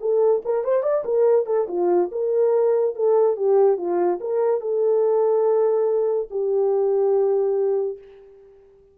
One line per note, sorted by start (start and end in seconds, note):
0.00 0.42 A4
0.44 0.63 A#4
0.63 0.82 C5
0.82 1.03 D5
1.04 1.46 A#4
1.46 1.67 A4
1.67 2.09 F4
2.11 2.95 A#4
2.95 3.36 A4
3.36 3.77 G4
3.77 4.19 F4
4.20 4.60 A#4
4.60 6.28 A4
6.30 7.98 G4